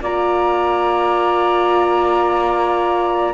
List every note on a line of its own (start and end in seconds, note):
0.00 3.33 A#3
0.00 3.33 F4
0.00 3.33 D5
0.00 3.33 A#5